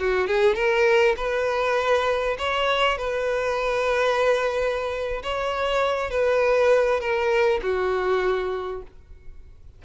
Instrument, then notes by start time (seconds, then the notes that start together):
violin
0.00 F#4
0.28 G#4
0.55 A#4
1.17 B4
2.39 C#5
2.98 B4
5.23 C#5
6.11 B4
7.01 A#4
7.63 F#4